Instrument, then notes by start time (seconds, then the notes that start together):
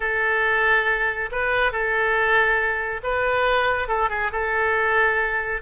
oboe
0.00 A4
1.31 B4
1.71 A4
3.03 B4
3.88 A4
4.09 G#4
4.32 A4